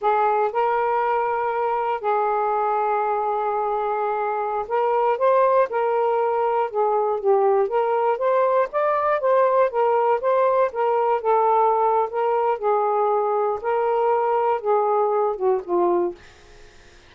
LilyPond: \new Staff \with { instrumentName = "saxophone" } { \time 4/4 \tempo 4 = 119 gis'4 ais'2. | gis'1~ | gis'4~ gis'16 ais'4 c''4 ais'8.~ | ais'4~ ais'16 gis'4 g'4 ais'8.~ |
ais'16 c''4 d''4 c''4 ais'8.~ | ais'16 c''4 ais'4 a'4.~ a'16 | ais'4 gis'2 ais'4~ | ais'4 gis'4. fis'8 f'4 | }